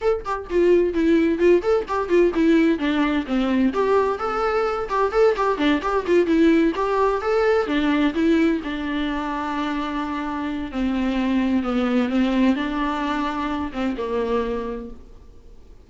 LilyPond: \new Staff \with { instrumentName = "viola" } { \time 4/4 \tempo 4 = 129 a'8 g'8 f'4 e'4 f'8 a'8 | g'8 f'8 e'4 d'4 c'4 | g'4 a'4. g'8 a'8 g'8 | d'8 g'8 f'8 e'4 g'4 a'8~ |
a'8 d'4 e'4 d'4.~ | d'2. c'4~ | c'4 b4 c'4 d'4~ | d'4. c'8 ais2 | }